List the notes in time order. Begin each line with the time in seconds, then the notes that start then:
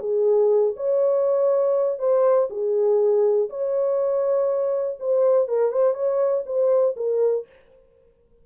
0.00 G#4
0.76 C#5
1.99 C5
2.50 G#4
3.50 C#5
5.00 C5
5.48 A#4
5.72 C5
5.94 C#5
6.46 C5
6.96 A#4